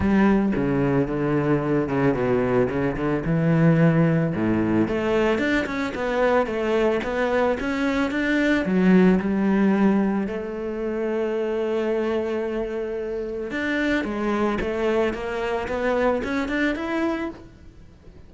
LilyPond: \new Staff \with { instrumentName = "cello" } { \time 4/4 \tempo 4 = 111 g4 cis4 d4. cis8 | b,4 cis8 d8 e2 | a,4 a4 d'8 cis'8 b4 | a4 b4 cis'4 d'4 |
fis4 g2 a4~ | a1~ | a4 d'4 gis4 a4 | ais4 b4 cis'8 d'8 e'4 | }